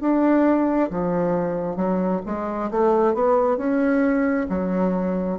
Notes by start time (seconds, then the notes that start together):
0.00 D4
0.90 F3
1.76 F#3
2.25 G#3
2.71 A3
3.14 B3
3.57 C#4
4.49 F#3